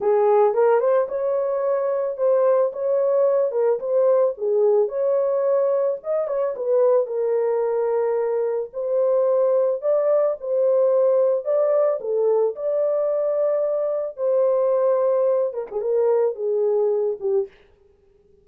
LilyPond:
\new Staff \with { instrumentName = "horn" } { \time 4/4 \tempo 4 = 110 gis'4 ais'8 c''8 cis''2 | c''4 cis''4. ais'8 c''4 | gis'4 cis''2 dis''8 cis''8 | b'4 ais'2. |
c''2 d''4 c''4~ | c''4 d''4 a'4 d''4~ | d''2 c''2~ | c''8 ais'16 gis'16 ais'4 gis'4. g'8 | }